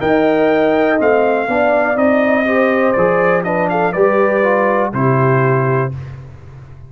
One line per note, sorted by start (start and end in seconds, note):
0.00 1.00 D#4
0.00 0.98 A#4
0.00 1.48 D#5
0.00 0.99 G5
0.98 1.48 A3
0.98 1.47 C4
0.98 1.98 F5
1.48 1.97 B3
1.48 1.96 D4
1.48 2.46 D5
1.96 2.95 C4
1.96 2.45 D#4
1.96 2.92 D#5
2.45 2.94 G4
2.45 3.45 C5
2.92 3.95 F3
2.92 3.44 G#4
2.92 3.42 D5
3.44 3.93 D4
3.44 3.70 B4
3.44 3.69 D#5
3.69 3.93 A4
3.69 3.93 F5
3.93 4.93 G3
3.93 4.43 G4
3.93 4.91 B4
3.93 4.91 D5
4.43 4.93 F4
4.93 5.92 C3
4.93 5.91 E4
4.93 5.92 G4
4.93 5.92 C5